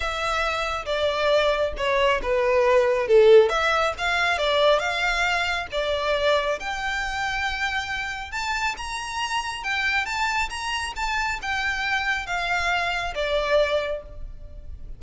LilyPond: \new Staff \with { instrumentName = "violin" } { \time 4/4 \tempo 4 = 137 e''2 d''2 | cis''4 b'2 a'4 | e''4 f''4 d''4 f''4~ | f''4 d''2 g''4~ |
g''2. a''4 | ais''2 g''4 a''4 | ais''4 a''4 g''2 | f''2 d''2 | }